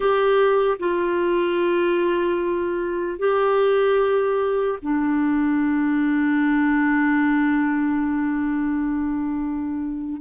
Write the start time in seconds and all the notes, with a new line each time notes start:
0.00 G4
0.79 F4
3.18 G4
4.81 D4